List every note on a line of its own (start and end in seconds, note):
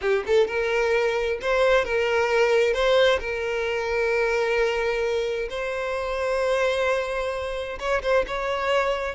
0.01 0.24 G4
0.26 0.47 A4
0.47 1.38 A#4
1.41 1.84 C5
1.84 2.73 A#4
2.73 3.19 C5
3.19 5.48 A#4
5.49 7.78 C5
7.79 8.02 C#5
8.02 8.25 C5
8.27 9.14 C#5